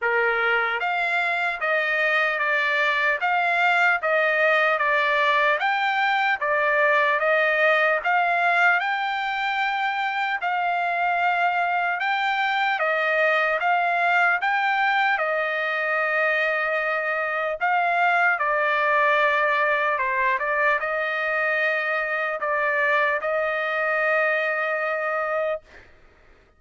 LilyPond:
\new Staff \with { instrumentName = "trumpet" } { \time 4/4 \tempo 4 = 75 ais'4 f''4 dis''4 d''4 | f''4 dis''4 d''4 g''4 | d''4 dis''4 f''4 g''4~ | g''4 f''2 g''4 |
dis''4 f''4 g''4 dis''4~ | dis''2 f''4 d''4~ | d''4 c''8 d''8 dis''2 | d''4 dis''2. | }